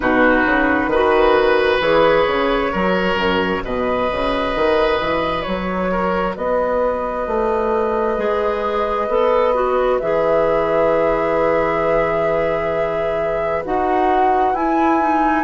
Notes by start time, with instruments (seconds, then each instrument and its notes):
0.00 bassoon B2, clarinet D#4, oboe F#4, flute B4
0.45 bassoon C#3
0.87 bassoon D#3, clarinet F#4, oboe B4
1.80 bassoon E3, clarinet G#4, flute C#5
2.26 bassoon C#3
2.71 bassoon F#3, clarinet F#4, oboe A#4
3.15 bassoon F#2
3.64 bassoon B2, oboe B4, flute D#5
4.11 bassoon C#3
4.55 bassoon D#3
5.00 bassoon E3
5.42 bassoon F#3, flute C#5
5.91 oboe A#4
6.36 bassoon B3, oboe B4, flute D#5
7.27 bassoon A3
8.17 bassoon G#3, clarinet G#4
9.08 bassoon B3, clarinet A4
9.54 clarinet F#4
9.99 bassoon E3, clarinet G#4, flute E5
13.65 bassoon D#4, clarinet F#4, flute F#5
14.53 bassoon E4, clarinet E4, flute G#5
15.00 clarinet D#4